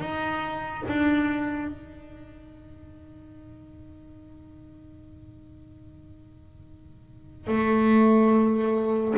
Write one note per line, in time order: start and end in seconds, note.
0.00 0.83 D#4
0.88 1.68 D4
1.68 7.47 D#4
7.47 9.14 A3